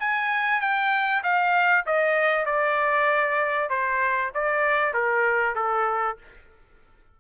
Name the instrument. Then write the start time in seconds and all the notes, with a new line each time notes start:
trumpet
0.00 G#5
0.61 G5
1.23 F5
1.86 D#5
2.46 D5
3.70 C5
4.35 D5
4.94 A#4
5.55 A4